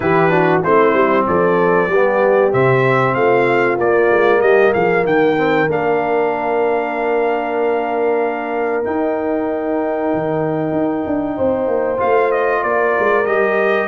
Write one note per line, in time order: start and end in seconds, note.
0.00 0.63 E3
0.00 0.29 E4
0.00 0.31 G4
0.00 0.62 B4
0.29 0.61 D4
0.29 0.62 F#4
0.62 0.93 A3
0.62 1.91 C4
0.62 1.26 E4
0.62 1.26 C5
0.93 1.25 G3
1.26 1.88 F3
1.26 1.89 A4
1.26 2.52 D5
1.88 2.51 G3
1.88 2.51 B3
1.88 3.15 G4
2.51 3.15 C3
2.51 3.78 C4
2.51 3.14 E5
3.14 3.78 A3
3.14 4.42 F4
3.14 3.77 F5
3.78 4.09 A#3
3.78 5.36 A#3
3.78 4.41 D5
4.11 4.41 G#3
4.41 4.72 G3
4.41 4.72 G4
4.41 4.72 D#5
4.72 5.04 F3
4.72 5.04 G#4
4.72 5.05 F5
5.04 5.68 D#3
5.04 11.36 A#4
5.04 5.69 G5
5.36 5.68 C4
5.68 8.84 A#3
5.68 8.83 D4
5.68 8.84 F5
8.83 11.97 D#4
8.83 10.12 D#4
8.83 12.00 G5
10.13 10.72 D#3
10.72 11.03 D#4
11.06 11.38 D4
11.36 11.67 C4
11.36 12.62 C5
11.67 11.99 A#3
11.97 12.63 A3
11.97 13.24 F4
11.97 12.31 F5
12.31 12.63 D#5
12.63 12.95 A#3
12.63 13.87 A#4
12.63 13.26 D5
12.99 13.26 G#3
13.26 13.87 G3
13.26 13.87 G4
13.26 13.87 D#5